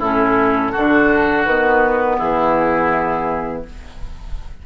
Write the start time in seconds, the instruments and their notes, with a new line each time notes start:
0.00 bassoon A2, clarinet C#4, oboe E4, flute A4
0.72 bassoon D3, clarinet D4, oboe F#4
1.45 bassoon D#3, clarinet B3, flute B4
2.19 bassoon E3, oboe E4, flute G#4